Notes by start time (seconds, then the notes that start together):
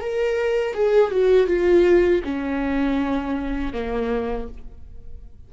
0.00 A#4
0.73 G#4
1.11 F#4
1.47 F4
2.23 C#4
3.73 A#3